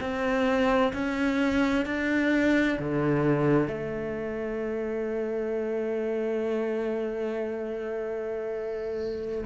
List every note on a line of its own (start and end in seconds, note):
0.00 0.92 C4
0.93 1.85 C#4
1.85 2.77 D4
2.79 3.67 D3
3.67 9.44 A3